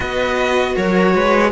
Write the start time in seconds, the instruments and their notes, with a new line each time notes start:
0.00 cello B3 F#4, viola B4, violin D#5
0.75 cello F#3, viola A#4, violin C#5
1.14 cello G#3, viola B4